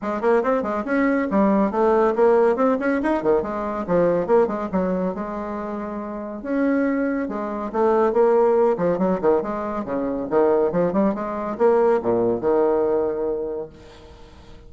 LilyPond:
\new Staff \with { instrumentName = "bassoon" } { \time 4/4 \tempo 4 = 140 gis8 ais8 c'8 gis8 cis'4 g4 | a4 ais4 c'8 cis'8 dis'8 dis8 | gis4 f4 ais8 gis8 fis4 | gis2. cis'4~ |
cis'4 gis4 a4 ais4~ | ais8 f8 fis8 dis8 gis4 cis4 | dis4 f8 g8 gis4 ais4 | ais,4 dis2. | }